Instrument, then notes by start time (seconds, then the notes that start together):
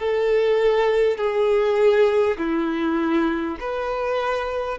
violin
0.00 A4
1.18 G#4
2.38 E4
3.61 B4